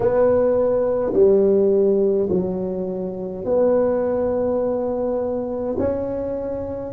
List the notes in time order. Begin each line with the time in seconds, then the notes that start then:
0.00 B3
1.13 G3
2.29 F#3
3.45 B3
5.78 C#4